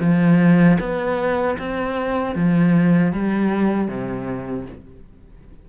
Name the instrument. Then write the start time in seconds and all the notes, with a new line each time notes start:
cello
0.00 F3
0.79 B3
1.58 C4
2.35 F3
3.13 G3
3.88 C3